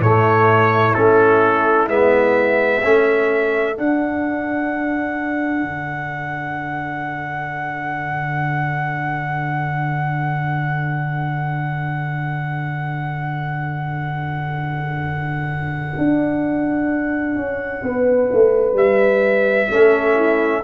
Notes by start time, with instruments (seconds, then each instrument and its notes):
0.00 tuba A2, trombone A3, horn E4, trumpet C#5
0.94 tuba A3, trombone C#4, trumpet A4
1.88 tuba G#3, trombone B3, trumpet E5
2.82 tuba A3, trombone C#4, horn A4
3.76 trombone D4, tuba D4, trumpet F#5
5.63 tuba D3
15.98 tuba D4
17.36 tuba C#4
17.83 tuba B3, horn B4
18.33 tuba A3
18.73 tuba G3, trumpet E5
19.70 tuba A3, trombone C#4, horn A4
20.16 horn E4